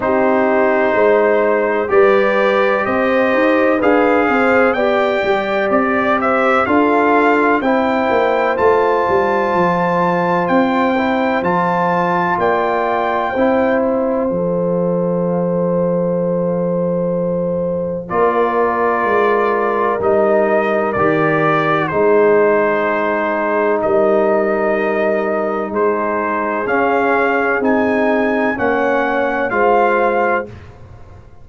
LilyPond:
<<
  \new Staff \with { instrumentName = "trumpet" } { \time 4/4 \tempo 4 = 63 c''2 d''4 dis''4 | f''4 g''4 d''8 e''8 f''4 | g''4 a''2 g''4 | a''4 g''4. f''4.~ |
f''2. d''4~ | d''4 dis''4 d''4 c''4~ | c''4 dis''2 c''4 | f''4 gis''4 fis''4 f''4 | }
  \new Staff \with { instrumentName = "horn" } { \time 4/4 g'4 c''4 b'4 c''4 | b'8 c''8 d''4. c''8 a'4 | c''1~ | c''4 d''4 c''2~ |
c''2. ais'4~ | ais'2. gis'4~ | gis'4 ais'2 gis'4~ | gis'2 cis''4 c''4 | }
  \new Staff \with { instrumentName = "trombone" } { \time 4/4 dis'2 g'2 | gis'4 g'2 f'4 | e'4 f'2~ f'8 e'8 | f'2 e'4 a'4~ |
a'2. f'4~ | f'4 dis'4 g'4 dis'4~ | dis'1 | cis'4 dis'4 cis'4 f'4 | }
  \new Staff \with { instrumentName = "tuba" } { \time 4/4 c'4 gis4 g4 c'8 dis'8 | d'8 c'8 b8 g8 c'4 d'4 | c'8 ais8 a8 g8 f4 c'4 | f4 ais4 c'4 f4~ |
f2. ais4 | gis4 g4 dis4 gis4~ | gis4 g2 gis4 | cis'4 c'4 ais4 gis4 | }
>>